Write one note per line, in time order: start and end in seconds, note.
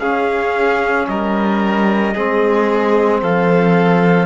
0.00 1.07 C#4
0.00 2.16 C#4
0.00 1.07 G#4
0.00 1.07 F5
1.08 2.15 G3
1.08 2.14 A#4
1.08 3.22 D#5
2.14 3.23 G#3
2.14 4.26 C4
2.14 3.21 G#4
3.23 4.26 F3
3.23 4.26 A4
3.23 4.26 F5